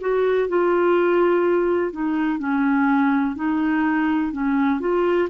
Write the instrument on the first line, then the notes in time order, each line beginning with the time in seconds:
clarinet
0.00 F#4
0.48 F4
1.92 D#4
2.39 C#4
3.35 D#4
4.32 C#4
4.79 F4